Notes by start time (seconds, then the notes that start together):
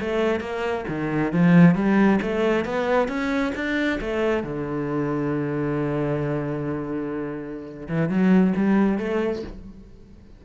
0.00 A3
0.40 A#3
0.88 D#3
1.33 F3
1.75 G3
2.22 A3
2.65 B3
3.08 C#4
3.55 D4
4.00 A3
4.43 D3
7.88 E3
8.09 F#3
8.56 G3
8.98 A3